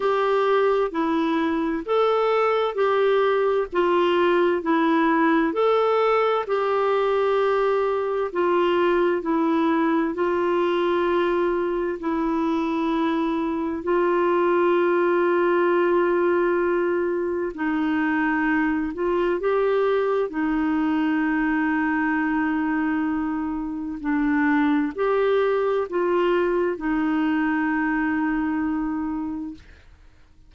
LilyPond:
\new Staff \with { instrumentName = "clarinet" } { \time 4/4 \tempo 4 = 65 g'4 e'4 a'4 g'4 | f'4 e'4 a'4 g'4~ | g'4 f'4 e'4 f'4~ | f'4 e'2 f'4~ |
f'2. dis'4~ | dis'8 f'8 g'4 dis'2~ | dis'2 d'4 g'4 | f'4 dis'2. | }